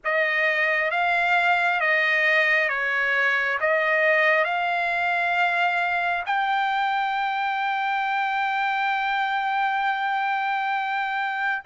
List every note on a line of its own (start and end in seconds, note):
0.04 0.90 D#5
0.90 1.80 F5
1.80 2.68 D#5
2.68 3.58 C#5
3.60 4.44 D#5
4.44 6.23 F5
6.26 11.63 G5